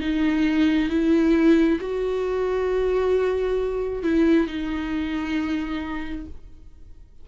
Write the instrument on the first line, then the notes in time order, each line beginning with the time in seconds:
viola
0.00 D#4
0.89 E4
1.80 F#4
4.03 E4
4.47 D#4